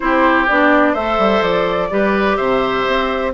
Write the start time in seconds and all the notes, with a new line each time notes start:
0.00 C4 E4 G4 C5
0.47 B3 D4 D5
0.92 A3 A4 C5 E5
1.18 G3
1.41 F3 D5
1.90 G3 G4 B4
2.36 C3 C5 E5
2.87 C4